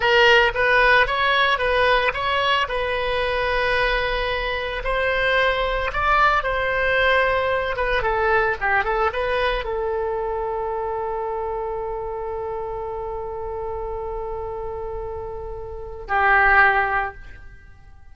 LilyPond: \new Staff \with { instrumentName = "oboe" } { \time 4/4 \tempo 4 = 112 ais'4 b'4 cis''4 b'4 | cis''4 b'2.~ | b'4 c''2 d''4 | c''2~ c''8 b'8 a'4 |
g'8 a'8 b'4 a'2~ | a'1~ | a'1~ | a'2 g'2 | }